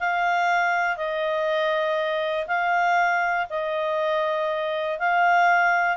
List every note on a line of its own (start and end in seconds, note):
0.00 0.97 F5
0.97 2.48 D#5
2.48 3.48 F5
3.50 5.00 D#5
5.00 5.98 F5